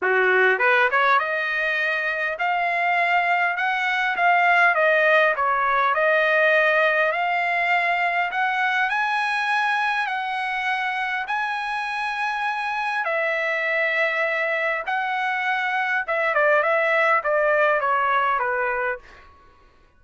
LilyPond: \new Staff \with { instrumentName = "trumpet" } { \time 4/4 \tempo 4 = 101 fis'4 b'8 cis''8 dis''2 | f''2 fis''4 f''4 | dis''4 cis''4 dis''2 | f''2 fis''4 gis''4~ |
gis''4 fis''2 gis''4~ | gis''2 e''2~ | e''4 fis''2 e''8 d''8 | e''4 d''4 cis''4 b'4 | }